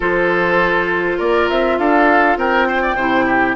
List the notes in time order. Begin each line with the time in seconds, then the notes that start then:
0.00 F3 F4 A4 C5
1.17 A#3 A#4 D5
1.49 C4 E5
1.78 D4 A4 F5
2.36 C4 A#4 G5
2.68 C5
2.82 D5
2.95 C3 E4 C5
3.25 G4